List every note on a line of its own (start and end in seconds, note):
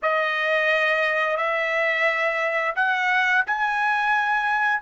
0.02 1.36 D#5
1.36 2.74 E5
2.75 3.44 F#5
3.46 4.82 G#5